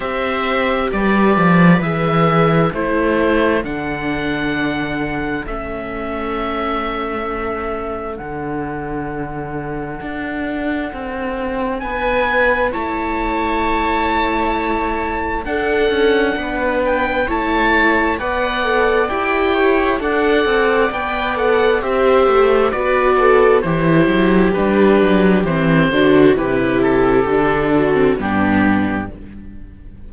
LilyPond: <<
  \new Staff \with { instrumentName = "oboe" } { \time 4/4 \tempo 4 = 66 e''4 d''4 e''4 c''4 | fis''2 e''2~ | e''4 fis''2.~ | fis''4 gis''4 a''2~ |
a''4 fis''4. g''8 a''4 | fis''4 g''4 fis''4 g''8 fis''8 | e''4 d''4 c''4 b'4 | c''4 b'8 a'4. g'4 | }
  \new Staff \with { instrumentName = "viola" } { \time 4/4 c''4 b'2 a'4~ | a'1~ | a'1~ | a'4 b'4 cis''2~ |
cis''4 a'4 b'4 cis''4 | d''4. cis''8 d''2 | c''4 b'8 a'8 g'2~ | g'8 fis'8 g'4. fis'8 d'4 | }
  \new Staff \with { instrumentName = "viola" } { \time 4/4 g'2 gis'4 e'4 | d'2 cis'2~ | cis'4 d'2.~ | d'2 e'2~ |
e'4 d'2 e'4 | b'8 a'8 g'4 a'4 b'8 a'8 | g'4 fis'4 e'4 d'4 | c'8 d'8 e'4 d'8. c'16 b4 | }
  \new Staff \with { instrumentName = "cello" } { \time 4/4 c'4 g8 f8 e4 a4 | d2 a2~ | a4 d2 d'4 | c'4 b4 a2~ |
a4 d'8 cis'8 b4 a4 | b4 e'4 d'8 c'8 b4 | c'8 a8 b4 e8 fis8 g8 fis8 | e8 d8 c4 d4 g,4 | }
>>